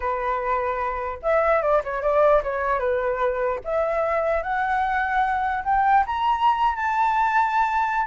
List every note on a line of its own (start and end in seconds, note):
0.00 1.19 B4
1.22 1.61 E5
1.61 1.82 D5
1.84 2.02 C#5
2.02 2.42 D5
2.43 2.79 C#5
2.79 3.59 B4
3.64 4.42 E5
4.42 5.63 F#5
5.64 6.04 G5
6.06 6.75 A#5
6.75 8.06 A5